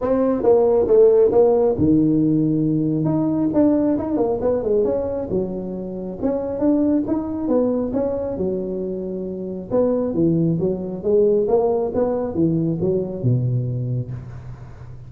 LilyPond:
\new Staff \with { instrumentName = "tuba" } { \time 4/4 \tempo 4 = 136 c'4 ais4 a4 ais4 | dis2. dis'4 | d'4 dis'8 ais8 b8 gis8 cis'4 | fis2 cis'4 d'4 |
dis'4 b4 cis'4 fis4~ | fis2 b4 e4 | fis4 gis4 ais4 b4 | e4 fis4 b,2 | }